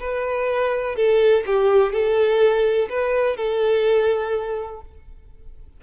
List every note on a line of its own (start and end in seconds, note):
0.00 0.96 B4
0.96 1.44 A4
1.46 1.92 G4
1.92 2.88 A4
2.89 3.37 B4
3.37 4.81 A4